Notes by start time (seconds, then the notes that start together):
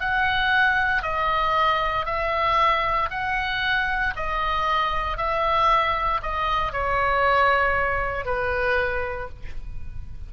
0.00 F#5
1.03 D#5
2.06 E5
3.11 F#5
4.16 D#5
5.18 E5
6.23 D#5
6.73 C#5
8.26 B4